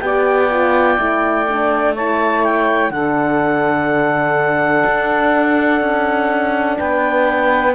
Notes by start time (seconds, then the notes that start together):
0.00 B3 G4 D5 G5
0.50 F4
0.98 A3 E4
1.48 D4
1.94 E4 C#5 A5
2.44 G5
2.90 D3 D4 A4 F#5
4.86 D4
5.81 C#4
6.78 B3 B4 G5